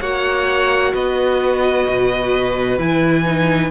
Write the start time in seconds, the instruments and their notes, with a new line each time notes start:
0.00 cello A#3, viola F#4, violin C#5 F#5
0.94 cello B3, violin B4 D#5
1.87 cello B2
2.78 cello E3, viola E4, violin G#5
3.25 viola D#4